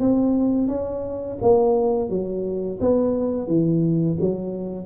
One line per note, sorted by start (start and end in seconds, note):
0.00 0.68 C4
0.68 1.38 C#4
1.42 2.10 A#3
2.10 2.79 F#3
2.81 3.48 B3
3.48 4.18 E3
4.21 4.86 F#3